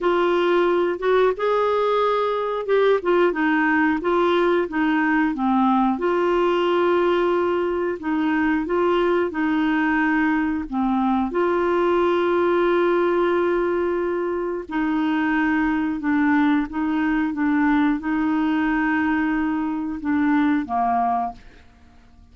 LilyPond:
\new Staff \with { instrumentName = "clarinet" } { \time 4/4 \tempo 4 = 90 f'4. fis'8 gis'2 | g'8 f'8 dis'4 f'4 dis'4 | c'4 f'2. | dis'4 f'4 dis'2 |
c'4 f'2.~ | f'2 dis'2 | d'4 dis'4 d'4 dis'4~ | dis'2 d'4 ais4 | }